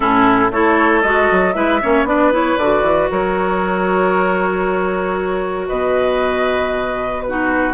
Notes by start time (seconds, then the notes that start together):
0.00 A2 C#4 E4 A4
0.51 A3 E4 A4 C#5
1.02 G#3 F#4 D#5
1.31 F#3
1.53 G#3 E4 B4 E5
1.82 A#3 C#4 C#5
2.03 B3 D4 B4 D5
2.32 E4 C#5
2.57 D3 F#4 D5
2.82 E3
3.10 F#3 A#4 C#5
5.67 B2 B4 D#5
7.21 B4
7.28 D#4 F#4